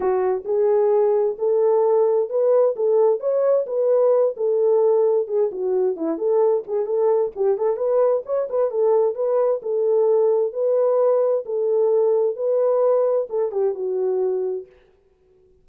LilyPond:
\new Staff \with { instrumentName = "horn" } { \time 4/4 \tempo 4 = 131 fis'4 gis'2 a'4~ | a'4 b'4 a'4 cis''4 | b'4. a'2 gis'8 | fis'4 e'8 a'4 gis'8 a'4 |
g'8 a'8 b'4 cis''8 b'8 a'4 | b'4 a'2 b'4~ | b'4 a'2 b'4~ | b'4 a'8 g'8 fis'2 | }